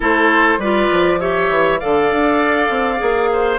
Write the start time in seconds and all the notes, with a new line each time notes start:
0.00 A3 E4 A4 C5
0.58 G3 F4 B4 D5
0.91 F3
1.19 G4 C#5 E5
1.49 E3
1.79 D3 A4 D5 F5
2.11 D4
2.69 C4
2.97 A#3 G#4
3.32 C5